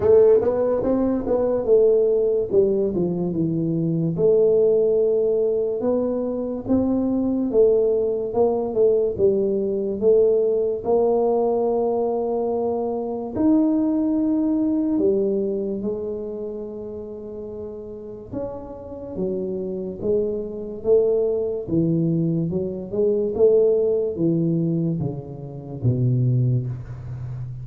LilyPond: \new Staff \with { instrumentName = "tuba" } { \time 4/4 \tempo 4 = 72 a8 b8 c'8 b8 a4 g8 f8 | e4 a2 b4 | c'4 a4 ais8 a8 g4 | a4 ais2. |
dis'2 g4 gis4~ | gis2 cis'4 fis4 | gis4 a4 e4 fis8 gis8 | a4 e4 cis4 b,4 | }